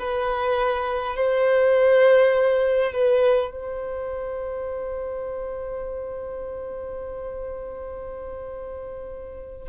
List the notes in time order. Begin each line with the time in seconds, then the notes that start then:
0.00 B4
1.17 C5
2.93 B4
3.51 C5